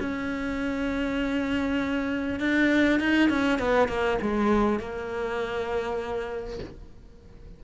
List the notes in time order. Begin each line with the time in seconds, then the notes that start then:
0.00 C#4
2.40 D4
3.00 D#4
3.30 C#4
3.59 B3
3.88 A#3
4.22 G#3
4.80 A#3